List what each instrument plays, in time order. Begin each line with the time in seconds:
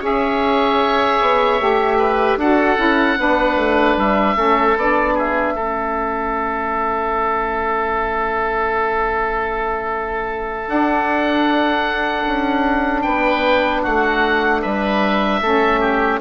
0.00 bassoon C#4, saxophone G#4, oboe C#5 E5
1.21 bassoon B3
1.59 bassoon A3, saxophone G4
1.98 oboe B4
2.37 bassoon D4, saxophone F#4, oboe A4 F#5
2.76 bassoon C#4, saxophone E4
3.17 bassoon B3, saxophone D4, oboe B4
3.55 bassoon A3
3.96 bassoon G3, oboe E5
4.36 bassoon A3, saxophone C#4, oboe A4
4.76 bassoon B3, saxophone D4, oboe D5
5.14 oboe G#4 E5
5.54 bassoon A3, saxophone C#4, oboe A4
10.67 bassoon D4, saxophone D4, oboe F#5
12.25 bassoon C#4
13.02 bassoon B3, oboe B4 G5
13.82 bassoon A3, oboe F#4 F#5
14.61 bassoon G3, oboe B4 E5
15.41 bassoon A3, saxophone C#4, oboe A4
15.80 oboe G4